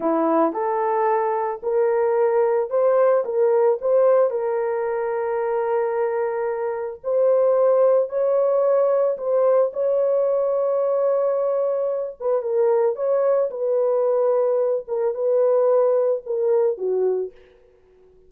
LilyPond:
\new Staff \with { instrumentName = "horn" } { \time 4/4 \tempo 4 = 111 e'4 a'2 ais'4~ | ais'4 c''4 ais'4 c''4 | ais'1~ | ais'4 c''2 cis''4~ |
cis''4 c''4 cis''2~ | cis''2~ cis''8 b'8 ais'4 | cis''4 b'2~ b'8 ais'8 | b'2 ais'4 fis'4 | }